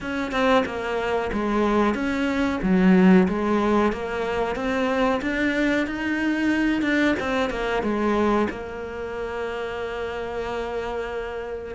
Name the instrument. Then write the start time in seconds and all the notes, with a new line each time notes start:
cello
0.00 C#4
0.31 C4
0.65 A#3
1.32 G#3
1.94 C#4
2.62 F#3
3.28 G#3
3.92 A#3
4.55 C4
5.21 D4
5.87 D#4
6.82 D4
7.19 C4
7.50 A#3
7.82 G#3
8.50 A#3